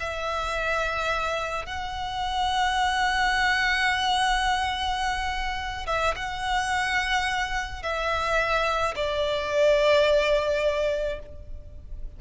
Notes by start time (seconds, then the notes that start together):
0.00 E5
1.66 F#5
5.87 E5
6.16 F#5
7.82 E5
8.95 D5